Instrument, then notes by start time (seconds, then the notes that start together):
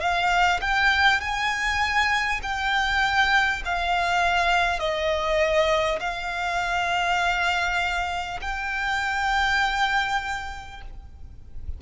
violin
0.00 F5
0.61 G5
1.20 G#5
2.42 G5
3.65 F5
4.79 D#5
5.99 F5
8.41 G5